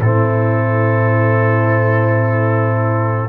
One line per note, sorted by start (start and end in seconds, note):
0.00 3.29 A2
0.00 3.29 C4
0.00 3.29 E4
0.00 3.29 A4